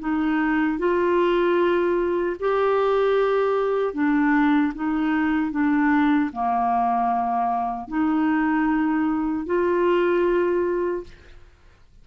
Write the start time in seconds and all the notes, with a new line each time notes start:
0.00 D#4
0.79 F4
2.40 G4
3.94 D4
4.75 D#4
5.52 D4
6.33 A#3
7.89 D#4
9.46 F4